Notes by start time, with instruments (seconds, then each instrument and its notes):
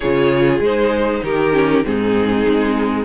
0.00 cello C#3, viola F4, violin G#4 C#5
0.59 cello G#3, viola D#4, violin C5
1.23 cello D#3, violin G4 A#4
1.52 viola C#4
1.83 cello G#2, viola C4, violin D#4 G#4
2.46 cello G#3